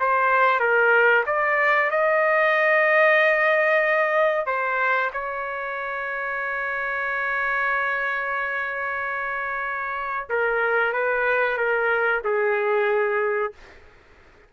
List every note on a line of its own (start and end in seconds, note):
0.00 0.60 C5
0.60 1.24 A#4
1.26 1.91 D5
1.91 4.46 D#5
4.46 5.11 C5
5.13 10.29 C#5
10.29 10.93 A#4
10.93 11.57 B4
11.57 12.22 A#4
12.24 13.53 G#4